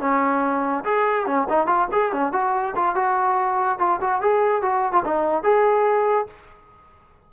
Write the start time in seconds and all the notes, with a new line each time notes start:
0.00 C#4
0.84 G#4
1.26 C#4
1.49 D#4
1.67 F4
1.92 G#4
2.12 C#4
2.32 F#4
2.76 F4
2.95 F#4
3.79 F4
4.01 F#4
4.21 G#4
4.62 F#4
4.92 F4
5.04 D#4
5.43 G#4